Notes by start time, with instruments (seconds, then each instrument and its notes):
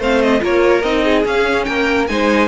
0.00 cello A3, viola C4, violin C5 F5
0.22 violin D#5
0.41 cello A#3, viola F4, violin A#4 C#5
0.82 cello C4, viola D#4, violin D#5
1.05 violin G#4
1.25 viola C#4, cello C#4, violin F5
1.65 cello A#3, violin A#4 G5
2.08 cello G#3, viola D#4, violin C5 G#5